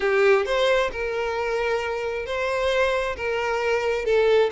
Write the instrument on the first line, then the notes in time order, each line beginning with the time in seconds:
violin
0.00 G4
0.45 C5
0.91 A#4
2.26 C5
3.16 A#4
4.05 A4